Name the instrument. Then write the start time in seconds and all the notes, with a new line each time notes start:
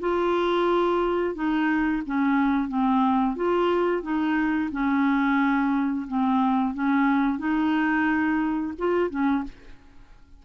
clarinet
0.00 F4
1.35 D#4
2.06 C#4
2.69 C4
3.36 F4
4.03 D#4
4.72 C#4
6.08 C4
6.74 C#4
7.39 D#4
8.79 F4
9.10 C#4